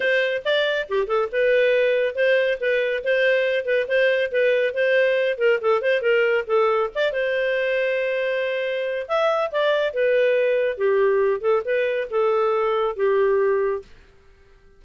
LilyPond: \new Staff \with { instrumentName = "clarinet" } { \time 4/4 \tempo 4 = 139 c''4 d''4 g'8 a'8 b'4~ | b'4 c''4 b'4 c''4~ | c''8 b'8 c''4 b'4 c''4~ | c''8 ais'8 a'8 c''8 ais'4 a'4 |
d''8 c''2.~ c''8~ | c''4 e''4 d''4 b'4~ | b'4 g'4. a'8 b'4 | a'2 g'2 | }